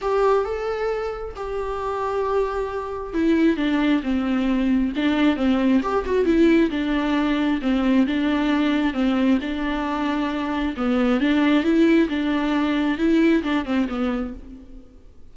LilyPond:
\new Staff \with { instrumentName = "viola" } { \time 4/4 \tempo 4 = 134 g'4 a'2 g'4~ | g'2. e'4 | d'4 c'2 d'4 | c'4 g'8 fis'8 e'4 d'4~ |
d'4 c'4 d'2 | c'4 d'2. | b4 d'4 e'4 d'4~ | d'4 e'4 d'8 c'8 b4 | }